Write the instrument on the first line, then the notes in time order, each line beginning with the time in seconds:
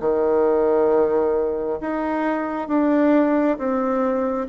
bassoon
0.00 D#3
1.81 D#4
2.68 D4
3.58 C4